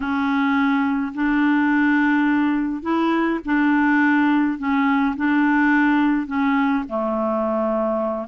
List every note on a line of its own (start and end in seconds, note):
0.00 1.12 C#4
1.14 2.82 D4
2.82 3.39 E4
3.45 4.58 D4
4.58 5.15 C#4
5.16 6.26 D4
6.26 6.84 C#4
6.89 8.27 A3